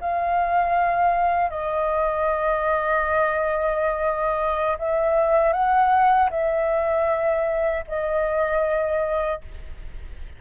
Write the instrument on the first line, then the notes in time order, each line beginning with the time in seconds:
flute
0.00 F5
1.50 D#5
4.78 E5
5.52 F#5
6.30 E5
7.87 D#5